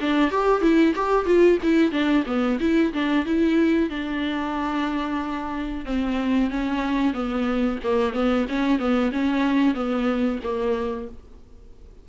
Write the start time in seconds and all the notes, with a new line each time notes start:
0.00 D4
0.30 G4
0.61 E4
0.95 G4
1.25 F4
1.62 E4
1.91 D4
2.26 B3
2.60 E4
2.93 D4
3.25 E4
3.89 D4
5.85 C4
6.50 C#4
7.13 B3
7.83 A#3
8.13 B3
8.48 C#4
8.78 B3
9.12 C#4
9.74 B3
10.43 A#3